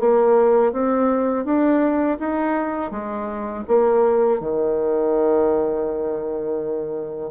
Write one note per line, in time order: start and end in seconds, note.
0.00 0.73 A#3
0.73 1.45 C4
1.45 2.18 D4
2.20 2.91 D#4
2.91 3.65 G#3
3.68 4.40 A#3
4.40 7.31 D#3